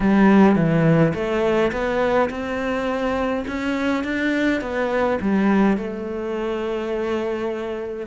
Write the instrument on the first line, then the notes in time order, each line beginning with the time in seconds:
cello
0.00 G3
0.55 E3
1.14 A3
1.72 B3
2.29 C4
3.47 C#4
4.04 D4
4.61 B3
5.21 G3
5.77 A3